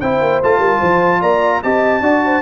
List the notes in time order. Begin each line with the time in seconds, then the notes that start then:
0.00 C4 E4 C5 G5
0.21 A#3
0.43 A3 F4 A5
0.59 G3 A#4
0.79 F3 C5
1.21 A#3 D5 A#5
1.63 C4 G4 D#5 A5
2.01 D4 F#4 D5
2.25 C5